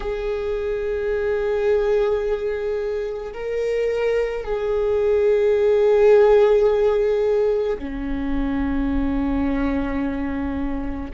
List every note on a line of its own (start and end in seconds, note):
0.00 3.33 G#4
3.33 4.44 A#4
4.44 7.77 G#4
7.78 11.11 C#4